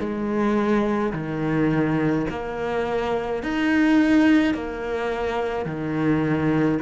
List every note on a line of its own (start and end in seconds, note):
0.00 1.13 G#3
1.14 2.27 D#3
2.30 3.43 A#3
3.43 4.55 D#4
4.55 5.66 A#3
5.66 6.79 D#3